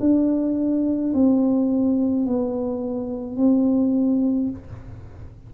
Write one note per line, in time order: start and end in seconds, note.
0.00 1.13 D4
1.14 2.26 C4
2.26 3.37 B3
3.37 4.50 C4